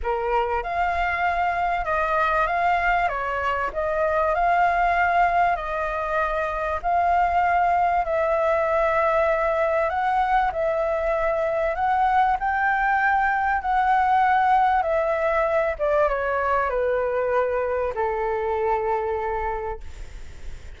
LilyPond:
\new Staff \with { instrumentName = "flute" } { \time 4/4 \tempo 4 = 97 ais'4 f''2 dis''4 | f''4 cis''4 dis''4 f''4~ | f''4 dis''2 f''4~ | f''4 e''2. |
fis''4 e''2 fis''4 | g''2 fis''2 | e''4. d''8 cis''4 b'4~ | b'4 a'2. | }